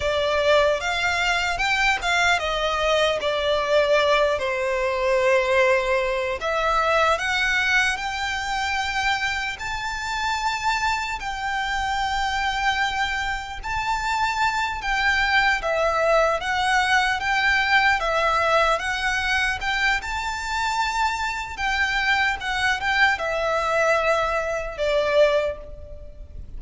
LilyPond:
\new Staff \with { instrumentName = "violin" } { \time 4/4 \tempo 4 = 75 d''4 f''4 g''8 f''8 dis''4 | d''4. c''2~ c''8 | e''4 fis''4 g''2 | a''2 g''2~ |
g''4 a''4. g''4 e''8~ | e''8 fis''4 g''4 e''4 fis''8~ | fis''8 g''8 a''2 g''4 | fis''8 g''8 e''2 d''4 | }